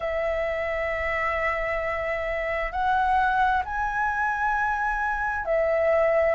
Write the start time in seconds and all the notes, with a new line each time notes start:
0.00 E5
2.72 F#5
3.64 G#5
5.45 E5